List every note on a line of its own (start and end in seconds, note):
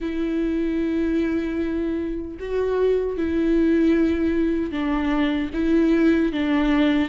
0.00 2.37 E4
2.39 3.17 F#4
3.17 4.71 E4
4.71 5.50 D4
5.53 6.32 E4
6.32 7.08 D4